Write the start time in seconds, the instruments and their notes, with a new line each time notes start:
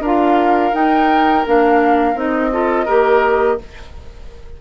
0.00 bassoon D4, clarinet F4, oboe A#4, flute F5
0.72 clarinet D#4, bassoon D#4, flute G5
1.46 bassoon A#3, clarinet D4, flute F5
2.15 bassoon C4, clarinet D#4, flute D#5
2.51 clarinet F4, oboe A4
2.85 bassoon A#3, clarinet G4, oboe A#4